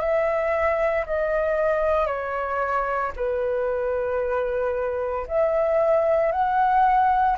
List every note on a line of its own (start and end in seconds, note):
0.00 1.05 E5
1.06 2.07 D#5
2.07 3.12 C#5
3.16 5.27 B4
5.27 6.32 E5
6.32 7.37 F#5